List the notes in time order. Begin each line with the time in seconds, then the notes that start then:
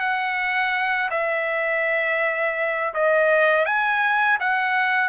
0.00 F#5
1.11 E5
2.94 D#5
3.66 G#5
4.40 F#5